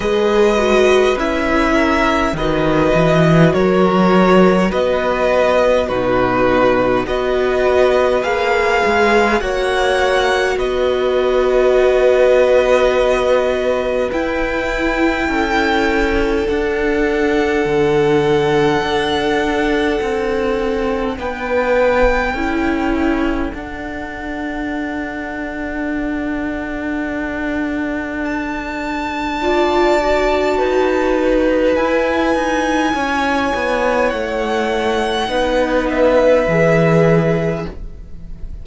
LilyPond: <<
  \new Staff \with { instrumentName = "violin" } { \time 4/4 \tempo 4 = 51 dis''4 e''4 dis''4 cis''4 | dis''4 b'4 dis''4 f''4 | fis''4 dis''2. | g''2 fis''2~ |
fis''2 g''2 | fis''1 | a''2. gis''4~ | gis''4 fis''4. e''4. | }
  \new Staff \with { instrumentName = "violin" } { \time 4/4 b'4. ais'8 b'4 ais'4 | b'4 fis'4 b'2 | cis''4 b'2.~ | b'4 a'2.~ |
a'2 b'4 a'4~ | a'1~ | a'4 d''4 b'2 | cis''2 b'2 | }
  \new Staff \with { instrumentName = "viola" } { \time 4/4 gis'8 fis'8 e'4 fis'2~ | fis'4 dis'4 fis'4 gis'4 | fis'1 | e'2 d'2~ |
d'2. e'4 | d'1~ | d'4 f'8 fis'4. e'4~ | e'2 dis'4 gis'4 | }
  \new Staff \with { instrumentName = "cello" } { \time 4/4 gis4 cis'4 dis8 e8 fis4 | b4 b,4 b4 ais8 gis8 | ais4 b2. | e'4 cis'4 d'4 d4 |
d'4 c'4 b4 cis'4 | d'1~ | d'2 dis'4 e'8 dis'8 | cis'8 b8 a4 b4 e4 | }
>>